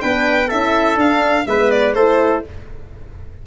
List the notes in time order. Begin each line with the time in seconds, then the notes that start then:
0.00 B3 D4 B4 G5
0.48 C#4 E4 A4 E5
0.96 D4 F5
1.47 G#3 B3 B4 E5
1.71 D5
1.94 A3 E4 A4 C5